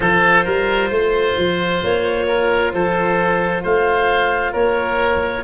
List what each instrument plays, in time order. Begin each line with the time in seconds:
0.00 tuba F3, cello F4, oboe A4, clarinet C5
0.44 tuba G3, oboe A#4
0.90 tuba A3, oboe C5
1.37 tuba F3
1.83 tuba A#3, clarinet C#5
2.27 oboe A#4
2.72 tuba F3, oboe A4, clarinet C5
3.62 tuba A3, oboe C5, clarinet F5
4.52 tuba A#3, oboe A#4, clarinet C#5